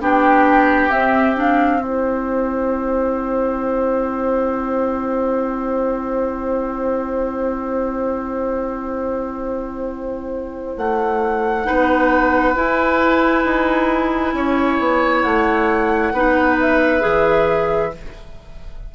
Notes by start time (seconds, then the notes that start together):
0.00 B3 D4 G4 G5
0.89 C4 E5
1.35 D4 F5
1.80 E4 C5 G5
10.76 A3 F#5
11.64 B3 D#4 B4
12.54 E4 G#5
13.44 D#4
14.33 C#4 C#5
14.79 B3
15.22 A3 F#5
16.12 B3 D#4 B4
16.60 E5
17.00 E3 G#4